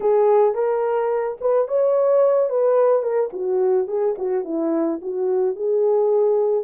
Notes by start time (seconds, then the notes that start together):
0.00 G#4
0.54 A#4
1.40 B4
1.68 C#5
2.49 B4
3.02 A#4
3.32 F#4
3.87 G#4
4.18 F#4
4.44 E4
5.01 F#4
5.55 G#4